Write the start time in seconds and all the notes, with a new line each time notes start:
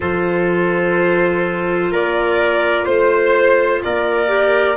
0.00 F3 F4 A4 C5
1.90 A#3 A#4 D5
2.84 A3 C5
3.83 A#3 A#4 D5
4.27 G4